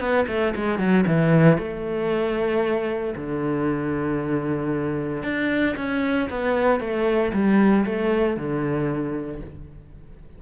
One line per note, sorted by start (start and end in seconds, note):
0.00 0.26 B3
0.28 0.54 A3
0.55 0.79 G#3
0.79 1.05 F#3
1.07 1.58 E3
1.58 3.14 A3
3.16 5.23 D3
5.23 5.76 D4
5.77 6.29 C#4
6.30 6.80 B3
6.80 7.32 A3
7.33 7.85 G3
7.85 8.37 A3
8.37 9.41 D3